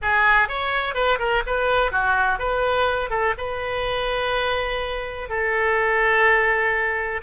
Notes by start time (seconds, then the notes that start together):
0.02 G#4
0.48 C#5
0.94 B4
1.19 A#4
1.46 B4
1.91 F#4
2.38 B4
3.10 A4
3.37 B4
5.29 A4